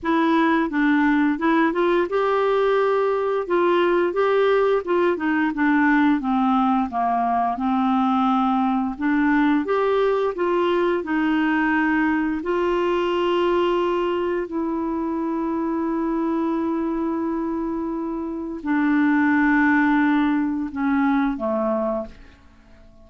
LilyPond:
\new Staff \with { instrumentName = "clarinet" } { \time 4/4 \tempo 4 = 87 e'4 d'4 e'8 f'8 g'4~ | g'4 f'4 g'4 f'8 dis'8 | d'4 c'4 ais4 c'4~ | c'4 d'4 g'4 f'4 |
dis'2 f'2~ | f'4 e'2.~ | e'2. d'4~ | d'2 cis'4 a4 | }